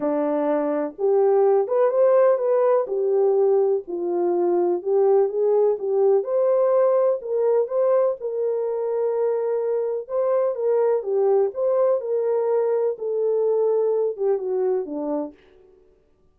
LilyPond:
\new Staff \with { instrumentName = "horn" } { \time 4/4 \tempo 4 = 125 d'2 g'4. b'8 | c''4 b'4 g'2 | f'2 g'4 gis'4 | g'4 c''2 ais'4 |
c''4 ais'2.~ | ais'4 c''4 ais'4 g'4 | c''4 ais'2 a'4~ | a'4. g'8 fis'4 d'4 | }